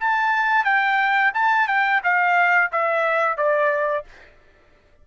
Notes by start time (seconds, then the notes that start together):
0.00 A5
0.65 G5
1.34 A5
1.68 G5
2.03 F5
2.72 E5
3.37 D5